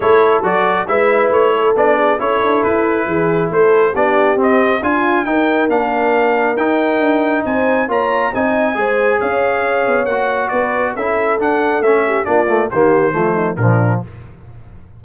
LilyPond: <<
  \new Staff \with { instrumentName = "trumpet" } { \time 4/4 \tempo 4 = 137 cis''4 d''4 e''4 cis''4 | d''4 cis''4 b'2 | c''4 d''4 dis''4 gis''4 | g''4 f''2 g''4~ |
g''4 gis''4 ais''4 gis''4~ | gis''4 f''2 fis''4 | d''4 e''4 fis''4 e''4 | d''4 c''2 ais'4 | }
  \new Staff \with { instrumentName = "horn" } { \time 4/4 a'2 b'4. a'8~ | a'8 gis'8 a'2 gis'4 | a'4 g'2 f'4 | ais'1~ |
ais'4 c''4 cis''4 dis''4 | c''4 cis''2. | b'4 a'2~ a'8 g'8 | f'4 g'4 f'8 dis'8 d'4 | }
  \new Staff \with { instrumentName = "trombone" } { \time 4/4 e'4 fis'4 e'2 | d'4 e'2.~ | e'4 d'4 c'4 f'4 | dis'4 d'2 dis'4~ |
dis'2 f'4 dis'4 | gis'2. fis'4~ | fis'4 e'4 d'4 cis'4 | d'8 a8 ais4 a4 f4 | }
  \new Staff \with { instrumentName = "tuba" } { \time 4/4 a4 fis4 gis4 a4 | b4 cis'8 d'8 e'4 e4 | a4 b4 c'4 d'4 | dis'4 ais2 dis'4 |
d'4 c'4 ais4 c'4 | gis4 cis'4. b8 ais4 | b4 cis'4 d'4 a4 | ais4 dis4 f4 ais,4 | }
>>